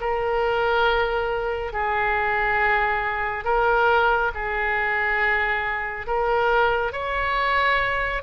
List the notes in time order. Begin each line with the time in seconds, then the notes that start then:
0.00 A#4
1.72 G#4
3.44 A#4
4.34 G#4
6.06 A#4
6.92 C#5